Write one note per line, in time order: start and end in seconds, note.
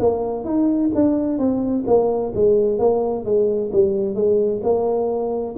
0.00 0.45 A#3
0.45 0.91 D#4
0.95 1.39 D4
1.39 1.85 C4
1.87 2.33 A#3
2.35 2.79 G#3
2.79 3.25 A#3
3.25 3.71 G#3
3.73 4.15 G3
4.15 4.62 G#3
4.64 5.56 A#3